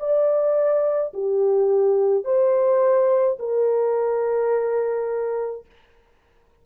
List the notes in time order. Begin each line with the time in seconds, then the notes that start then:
0.00 D5
1.14 G4
2.25 C5
3.40 A#4